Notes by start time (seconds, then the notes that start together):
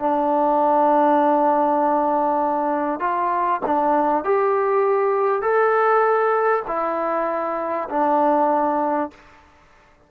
0.00 D4
3.00 F4
3.66 D4
4.25 G4
5.42 A4
6.67 E4
7.90 D4